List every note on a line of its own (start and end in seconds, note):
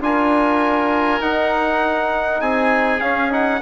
0.00 1.20 D4
0.00 1.20 F4
0.00 2.40 A#4
0.00 1.21 G#5
1.20 3.00 D#4
1.20 2.41 D#4
1.20 2.41 F#5
2.40 3.00 C4
2.40 3.60 G#4
2.40 3.00 G#5
3.00 3.60 C#4
3.00 3.31 C#4
3.00 3.30 F5
3.31 3.60 D#4
3.31 3.62 F#5